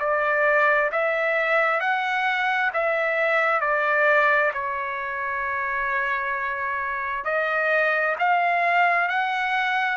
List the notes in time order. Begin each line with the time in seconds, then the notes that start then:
0.00 D5
0.92 E5
1.81 F#5
2.74 E5
3.61 D5
4.54 C#5
7.25 D#5
8.19 F5
9.09 F#5